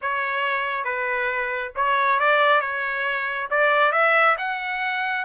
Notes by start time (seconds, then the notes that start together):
0.01 C#5
0.84 B4
1.75 C#5
2.19 D5
2.60 C#5
3.50 D5
3.92 E5
4.37 F#5